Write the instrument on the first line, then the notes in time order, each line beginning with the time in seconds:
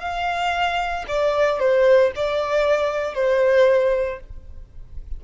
violin
0.00 F5
1.08 D5
1.59 C5
2.16 D5
3.15 C5